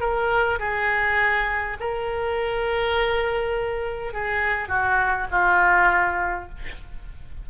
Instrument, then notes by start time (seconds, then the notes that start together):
oboe
0.00 A#4
0.59 G#4
1.80 A#4
4.13 G#4
4.68 F#4
5.31 F4